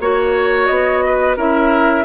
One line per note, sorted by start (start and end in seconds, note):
0.00 0.69 A#3
0.00 1.37 F#4
0.00 0.67 C#5
0.00 1.05 C#5
0.67 1.37 B3
0.67 1.35 D#5
1.06 1.37 B4
1.37 2.05 C#4
1.37 2.05 E4
1.37 2.05 A#4
1.37 2.05 E5